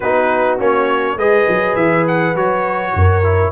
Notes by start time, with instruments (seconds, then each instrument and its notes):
0.00 tuba B3, trombone D#4, horn F#4, trumpet B4
0.59 tuba A#3, trombone C#4, trumpet C#5
1.16 tuba G#3, trombone G#4, horn B4, trumpet D#5
1.48 tuba F#3
1.75 tuba E3, trumpet E5
2.07 trumpet F#5
2.34 tuba F#3, trombone F#4, trumpet C#5
2.94 tuba F#2, horn A#4
3.23 trombone E4